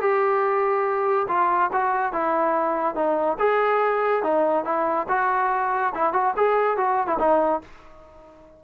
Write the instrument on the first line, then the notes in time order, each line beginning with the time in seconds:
trombone
0.00 G4
1.28 F4
1.72 F#4
2.12 E4
2.95 D#4
3.39 G#4
4.23 D#4
4.64 E4
5.08 F#4
5.94 E4
6.13 F#4
6.36 G#4
6.77 F#4
7.07 E4
7.19 D#4